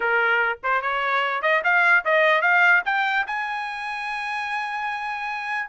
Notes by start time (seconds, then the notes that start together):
0.00 A#4
0.63 C5
0.81 C#5
1.42 D#5
1.63 F5
2.05 D#5
2.41 F5
2.85 G5
3.26 G#5